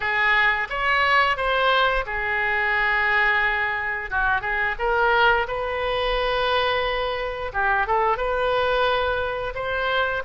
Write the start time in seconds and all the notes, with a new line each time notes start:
0.00 G#4
0.69 C#5
1.36 C5
2.05 G#4
4.10 F#4
4.41 G#4
4.78 A#4
5.47 B4
7.53 G4
7.87 A4
8.17 B4
9.54 C5